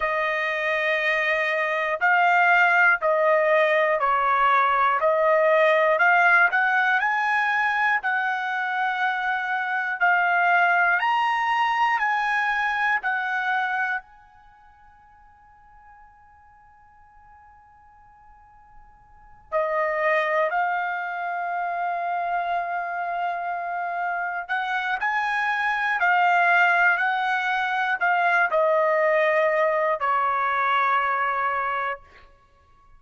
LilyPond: \new Staff \with { instrumentName = "trumpet" } { \time 4/4 \tempo 4 = 60 dis''2 f''4 dis''4 | cis''4 dis''4 f''8 fis''8 gis''4 | fis''2 f''4 ais''4 | gis''4 fis''4 gis''2~ |
gis''2.~ gis''8 dis''8~ | dis''8 f''2.~ f''8~ | f''8 fis''8 gis''4 f''4 fis''4 | f''8 dis''4. cis''2 | }